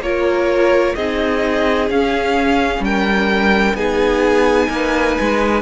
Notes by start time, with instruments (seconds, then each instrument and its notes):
0.00 cello A#3, viola F4, violin A#4 C#5
0.95 cello C4, viola D#4, violin G#4 D#5
1.89 viola C#4, cello C#4, violin F5
2.80 cello G3, violin A#4 G5
3.74 cello B3, viola D#4, violin G#4 G#5
4.69 cello A#3, violin B4
5.21 cello G#3